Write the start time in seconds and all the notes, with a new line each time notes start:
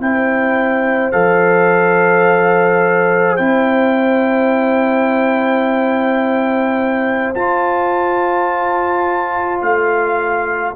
0.00 C4 E4 C5 G5
1.12 F3 A4 F5
3.37 C4 E4 G5
7.34 F4 A5
9.62 A3 F5